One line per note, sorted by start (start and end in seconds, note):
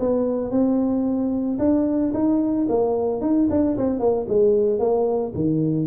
0.00 0.51 B3
0.51 1.59 C4
1.59 2.13 D4
2.14 2.68 D#4
2.69 3.22 A#3
3.22 3.48 D#4
3.51 3.77 D4
3.78 4.00 C4
4.00 4.27 A#3
4.29 4.79 G#3
4.79 5.33 A#3
5.35 5.88 D#3